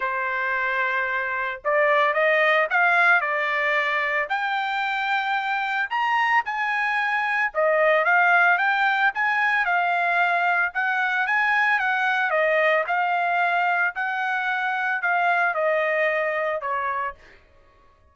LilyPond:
\new Staff \with { instrumentName = "trumpet" } { \time 4/4 \tempo 4 = 112 c''2. d''4 | dis''4 f''4 d''2 | g''2. ais''4 | gis''2 dis''4 f''4 |
g''4 gis''4 f''2 | fis''4 gis''4 fis''4 dis''4 | f''2 fis''2 | f''4 dis''2 cis''4 | }